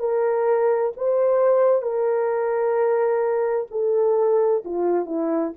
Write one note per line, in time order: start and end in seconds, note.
0.00 0.92 A#4
0.97 1.82 C5
1.82 3.67 A#4
3.71 4.63 A4
4.65 5.06 F4
5.06 5.52 E4